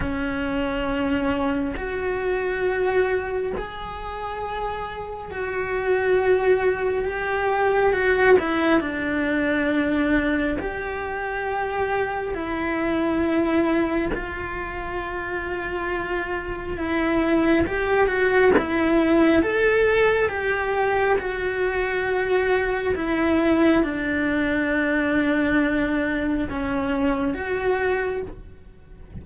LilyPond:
\new Staff \with { instrumentName = "cello" } { \time 4/4 \tempo 4 = 68 cis'2 fis'2 | gis'2 fis'2 | g'4 fis'8 e'8 d'2 | g'2 e'2 |
f'2. e'4 | g'8 fis'8 e'4 a'4 g'4 | fis'2 e'4 d'4~ | d'2 cis'4 fis'4 | }